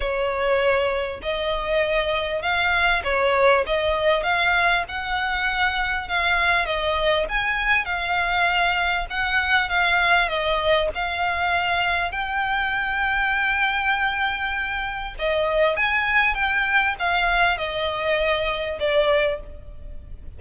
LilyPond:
\new Staff \with { instrumentName = "violin" } { \time 4/4 \tempo 4 = 99 cis''2 dis''2 | f''4 cis''4 dis''4 f''4 | fis''2 f''4 dis''4 | gis''4 f''2 fis''4 |
f''4 dis''4 f''2 | g''1~ | g''4 dis''4 gis''4 g''4 | f''4 dis''2 d''4 | }